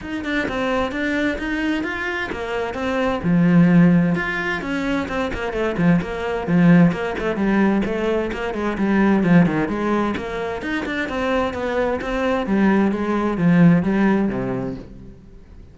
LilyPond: \new Staff \with { instrumentName = "cello" } { \time 4/4 \tempo 4 = 130 dis'8 d'8 c'4 d'4 dis'4 | f'4 ais4 c'4 f4~ | f4 f'4 cis'4 c'8 ais8 | a8 f8 ais4 f4 ais8 a8 |
g4 a4 ais8 gis8 g4 | f8 dis8 gis4 ais4 dis'8 d'8 | c'4 b4 c'4 g4 | gis4 f4 g4 c4 | }